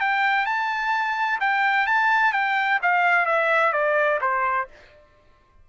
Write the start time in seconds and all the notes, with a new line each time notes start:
0.00 G5
0.45 A5
1.40 G5
1.86 A5
2.32 G5
2.82 F5
3.26 E5
3.72 D5
4.21 C5